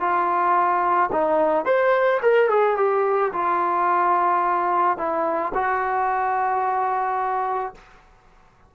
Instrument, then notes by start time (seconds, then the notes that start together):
trombone
0.00 F4
1.12 D#4
1.65 C5
2.22 A#4
2.49 G#4
2.77 G4
3.33 F4
4.98 E4
5.54 F#4